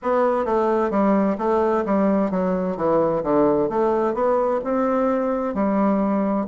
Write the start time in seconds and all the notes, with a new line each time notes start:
0.02 B3
0.45 A3
0.90 G3
1.38 A3
1.85 G3
2.30 F#3
2.77 E3
3.23 D3
3.69 A3
4.14 B3
4.64 C4
5.54 G3